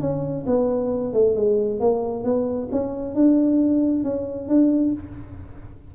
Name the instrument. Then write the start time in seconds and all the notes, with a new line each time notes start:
tuba
0.00 C#4
0.46 B3
1.13 A3
1.36 G#3
1.80 A#3
2.24 B3
2.72 C#4
3.15 D4
4.03 C#4
4.48 D4